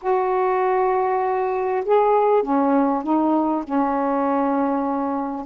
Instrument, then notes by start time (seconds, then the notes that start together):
saxophone
0.02 F#4
1.85 G#4
2.42 C#4
3.03 D#4
3.64 C#4